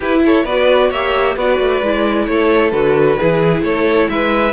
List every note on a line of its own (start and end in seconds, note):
0.00 0.46 E4
0.00 0.44 E4
0.00 0.20 G4
0.00 0.23 B4
0.25 0.45 A4
0.25 0.46 C#5
0.44 0.90 B3
0.44 0.93 F#4
0.44 0.89 B4
0.44 0.91 D5
0.89 1.36 A#3
0.89 1.37 G4
0.89 1.34 C#5
0.89 1.36 E5
1.34 1.58 B3
1.34 1.82 F#4
1.34 2.25 B4
1.34 2.26 D5
1.59 1.81 A3
1.81 2.27 G#3
1.81 2.72 E4
2.26 2.71 A3
2.26 3.18 A4
2.26 2.70 C#5
2.70 3.17 D3
2.70 3.17 F#4
2.70 3.61 B4
3.18 3.62 E3
3.18 4.52 E4
3.18 3.63 G#4
3.62 4.07 A3
3.62 4.09 A4
3.62 4.09 C#5
4.09 4.52 G#3
4.09 4.52 B4
4.09 4.52 E5